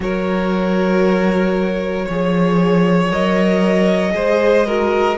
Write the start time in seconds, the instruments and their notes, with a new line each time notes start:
0.00 cello F#3, viola F#4, violin A#4 C#5
2.05 cello F3, viola G#4, violin C#5
3.10 cello F#3, viola A#4, violin D#5
4.11 cello G#3, viola G#4, violin C5
4.66 viola F#4, violin A#4